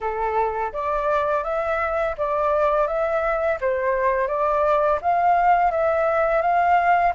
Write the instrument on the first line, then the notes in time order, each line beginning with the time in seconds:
flute
0.01 A4
0.72 D5
1.43 E5
2.17 D5
2.87 E5
3.61 C5
4.27 D5
5.01 F5
5.71 E5
6.41 F5